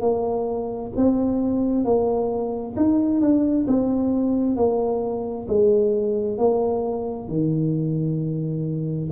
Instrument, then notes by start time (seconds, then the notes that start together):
tuba
0.00 A#3
0.96 C4
1.84 A#3
2.76 D#4
3.21 D4
3.67 C4
4.56 A#3
5.48 G#3
6.37 A#3
7.28 D#3